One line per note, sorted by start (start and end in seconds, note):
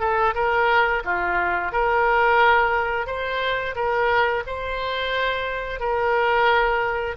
0.00 0.34 A4
0.35 1.03 A#4
1.05 1.72 F4
1.72 3.07 A#4
3.07 3.75 C5
3.75 4.43 A#4
4.47 5.80 C5
5.80 7.16 A#4